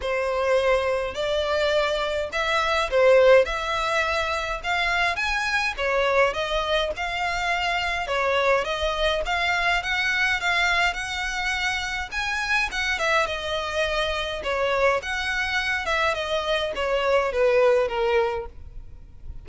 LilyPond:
\new Staff \with { instrumentName = "violin" } { \time 4/4 \tempo 4 = 104 c''2 d''2 | e''4 c''4 e''2 | f''4 gis''4 cis''4 dis''4 | f''2 cis''4 dis''4 |
f''4 fis''4 f''4 fis''4~ | fis''4 gis''4 fis''8 e''8 dis''4~ | dis''4 cis''4 fis''4. e''8 | dis''4 cis''4 b'4 ais'4 | }